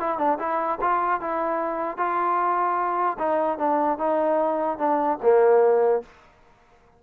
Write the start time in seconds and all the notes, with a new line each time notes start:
0.00 E4
0.18 D4
0.39 E4
0.81 F4
1.21 E4
1.97 F4
3.19 D#4
3.59 D4
3.99 D#4
4.78 D4
5.23 A#3